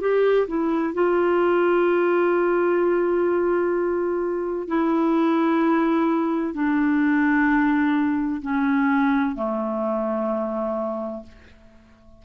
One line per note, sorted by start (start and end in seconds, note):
0.00 0.47 G4
0.47 0.94 E4
0.94 4.67 F4
4.67 6.53 E4
6.53 8.41 D4
8.41 9.35 C#4
9.35 11.22 A3